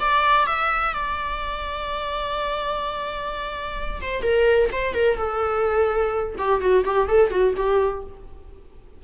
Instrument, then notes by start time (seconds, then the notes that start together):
viola
0.00 D5
0.47 E5
0.94 D5
4.02 C5
4.23 A#4
4.72 C5
4.94 A#4
5.18 A4
6.38 G4
6.61 F#4
6.85 G4
7.09 A4
7.31 F#4
7.57 G4